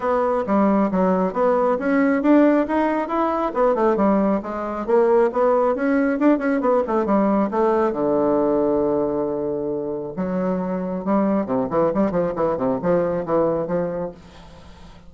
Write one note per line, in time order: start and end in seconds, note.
0.00 0.44 B3
0.46 0.90 G3
0.91 1.33 F#3
1.33 1.77 B3
1.78 2.22 C#4
2.22 2.66 D4
2.67 3.08 D#4
3.08 3.52 E4
3.54 3.74 B3
3.74 3.96 A3
3.96 4.40 G3
4.43 4.86 G#3
4.86 5.30 A#3
5.32 5.75 B3
5.75 6.19 C#4
6.19 6.38 D4
6.38 6.60 C#4
6.61 6.83 B3
6.87 7.05 A3
7.05 7.49 G3
7.50 7.92 A3
7.92 10.13 D3
10.16 11.04 F#3
11.05 11.46 G3
11.46 11.68 C3
11.70 11.92 E3
11.94 12.11 G3
12.11 12.33 F3
12.35 12.57 E3
12.57 12.79 C3
12.82 13.25 F3
13.25 13.67 E3
13.67 14.11 F3